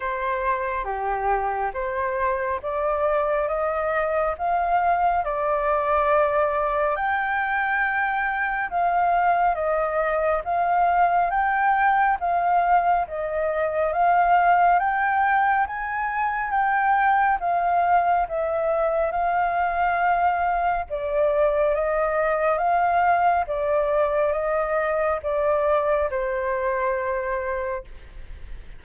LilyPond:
\new Staff \with { instrumentName = "flute" } { \time 4/4 \tempo 4 = 69 c''4 g'4 c''4 d''4 | dis''4 f''4 d''2 | g''2 f''4 dis''4 | f''4 g''4 f''4 dis''4 |
f''4 g''4 gis''4 g''4 | f''4 e''4 f''2 | d''4 dis''4 f''4 d''4 | dis''4 d''4 c''2 | }